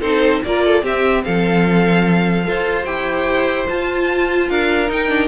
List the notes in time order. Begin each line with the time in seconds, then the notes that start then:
0.00 C4 D#4 A4 C5
0.43 A#3 F4 A#4 D5
0.64 A4
0.82 C4 G4 E5
1.23 F3 A4 F5
2.43 F4 A4 C5
2.84 E4 G4 G5
3.68 F4 A5
4.49 D4 A#4 F5
4.87 D#4 G5
5.08 D4